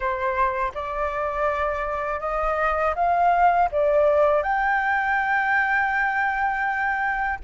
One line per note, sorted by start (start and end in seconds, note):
0.00 0.72 C5
0.74 2.20 D5
2.20 2.94 D#5
2.95 3.69 F5
3.71 4.42 D5
4.42 7.39 G5